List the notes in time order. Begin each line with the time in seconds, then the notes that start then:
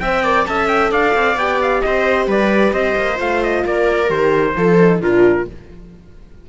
0.00 C4 C5 E5 G5
0.24 A#4 D5
0.47 C#4 A4 E5 A5
0.69 G5
0.92 D4 D5 F5
1.15 C4
1.36 B3 G4 G5
1.62 F5
1.82 C4 C5 D#5
2.27 G3 B4 D5
2.73 C4 C5 D#5
2.97 A#3
3.17 A3 F4 F5
3.43 D#5
3.65 A#3 A#4 D5
4.07 D#3 G4 C5
4.56 F3 F4 A4
4.81 D#4
5.01 A#2 D4 F4 A#4